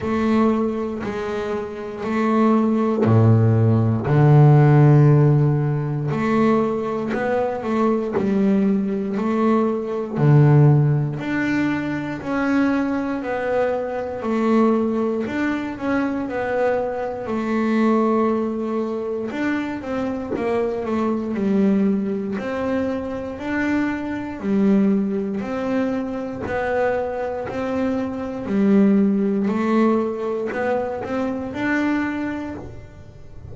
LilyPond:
\new Staff \with { instrumentName = "double bass" } { \time 4/4 \tempo 4 = 59 a4 gis4 a4 a,4 | d2 a4 b8 a8 | g4 a4 d4 d'4 | cis'4 b4 a4 d'8 cis'8 |
b4 a2 d'8 c'8 | ais8 a8 g4 c'4 d'4 | g4 c'4 b4 c'4 | g4 a4 b8 c'8 d'4 | }